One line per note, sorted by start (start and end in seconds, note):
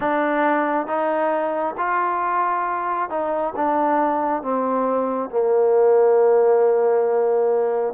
0.00 0.87 D4
0.87 1.75 D#4
1.77 3.09 F4
3.09 3.53 D#4
3.55 4.42 D4
4.42 5.29 C4
5.29 7.93 A#3